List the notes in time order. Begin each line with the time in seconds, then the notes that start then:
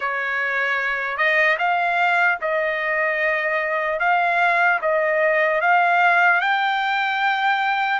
0.00 C#5
1.17 D#5
1.58 F5
2.41 D#5
3.99 F5
4.81 D#5
5.61 F5
6.40 G5